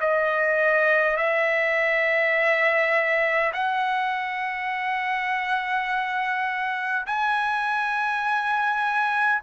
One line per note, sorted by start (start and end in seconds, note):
0.00 1.17 D#5
1.17 3.52 E5
3.53 7.06 F#5
7.06 9.41 G#5